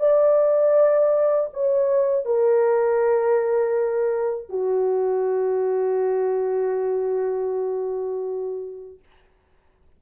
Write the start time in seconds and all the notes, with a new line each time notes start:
0.00 D5
1.54 C#5
2.26 A#4
4.49 F#4